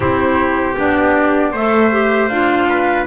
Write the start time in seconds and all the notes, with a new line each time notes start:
0.00 C4 E4 G4 C5
0.76 B3 D4 D5
1.51 A3 A4 C5 E5
1.91 G4
2.28 D4 F4 F5
2.68 B4